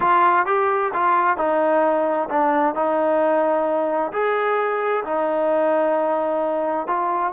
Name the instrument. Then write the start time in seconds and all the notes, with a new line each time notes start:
trombone
0.00 F4
0.46 G4
0.93 F4
1.37 D#4
2.29 D4
2.74 D#4
4.12 G#4
5.04 D#4
6.87 F4